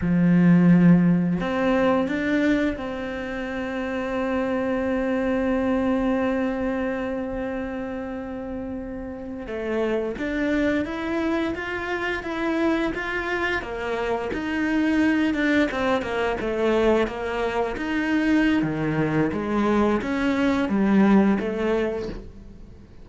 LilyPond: \new Staff \with { instrumentName = "cello" } { \time 4/4 \tempo 4 = 87 f2 c'4 d'4 | c'1~ | c'1~ | c'4.~ c'16 a4 d'4 e'16~ |
e'8. f'4 e'4 f'4 ais16~ | ais8. dis'4. d'8 c'8 ais8 a16~ | a8. ais4 dis'4~ dis'16 dis4 | gis4 cis'4 g4 a4 | }